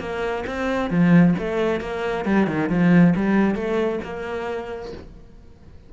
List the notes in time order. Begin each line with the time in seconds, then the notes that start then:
0.00 A#3
0.47 C4
0.90 F3
1.39 A3
1.81 A#3
2.25 G3
2.47 D#3
2.69 F3
3.16 G3
3.55 A3
4.04 A#3